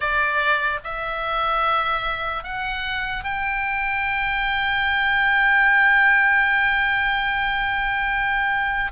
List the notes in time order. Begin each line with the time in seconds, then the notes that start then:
0.00 D5
0.83 E5
2.43 F#5
3.24 G5